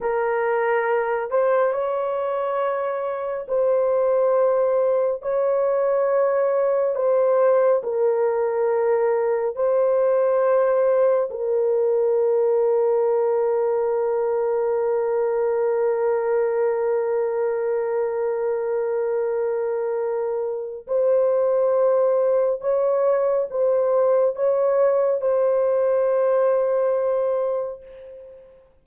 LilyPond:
\new Staff \with { instrumentName = "horn" } { \time 4/4 \tempo 4 = 69 ais'4. c''8 cis''2 | c''2 cis''2 | c''4 ais'2 c''4~ | c''4 ais'2.~ |
ais'1~ | ais'1 | c''2 cis''4 c''4 | cis''4 c''2. | }